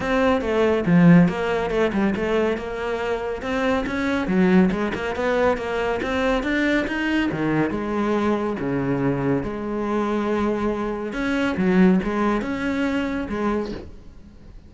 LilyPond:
\new Staff \with { instrumentName = "cello" } { \time 4/4 \tempo 4 = 140 c'4 a4 f4 ais4 | a8 g8 a4 ais2 | c'4 cis'4 fis4 gis8 ais8 | b4 ais4 c'4 d'4 |
dis'4 dis4 gis2 | cis2 gis2~ | gis2 cis'4 fis4 | gis4 cis'2 gis4 | }